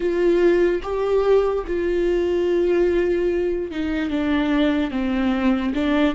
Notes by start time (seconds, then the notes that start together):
0.00 F4
0.82 G4
1.67 F4
3.71 D#4
4.09 D4
4.91 C4
5.74 D4